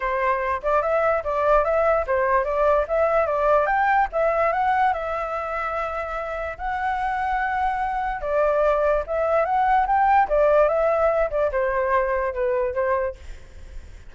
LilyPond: \new Staff \with { instrumentName = "flute" } { \time 4/4 \tempo 4 = 146 c''4. d''8 e''4 d''4 | e''4 c''4 d''4 e''4 | d''4 g''4 e''4 fis''4 | e''1 |
fis''1 | d''2 e''4 fis''4 | g''4 d''4 e''4. d''8 | c''2 b'4 c''4 | }